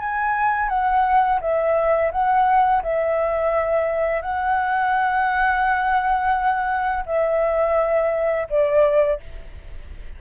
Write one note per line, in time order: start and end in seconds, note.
0.00 0.69 G#5
0.69 1.40 F#5
1.41 2.12 E5
2.12 2.83 F#5
2.83 4.22 E5
4.22 7.04 F#5
7.06 8.47 E5
8.50 9.21 D5